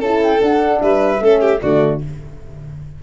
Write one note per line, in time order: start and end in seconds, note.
0.00 0.40 C#4
0.00 0.39 E4
0.00 0.80 A4
0.00 0.21 A5
0.23 0.43 G5
0.39 1.19 D4
0.39 0.81 D4
0.39 0.81 F#5
0.81 1.20 G3
0.81 1.23 B4
0.81 1.61 E5
1.20 1.60 A3
1.20 1.61 C#4
1.20 1.41 A4
1.41 1.61 G4
1.61 2.03 D3
1.61 2.03 A3
1.61 2.02 F#4
1.61 2.01 D5